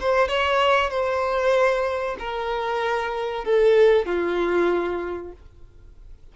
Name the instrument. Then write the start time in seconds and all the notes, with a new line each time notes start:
violin
0.00 C5
0.28 C#5
0.90 C5
2.19 A#4
3.44 A4
4.06 F4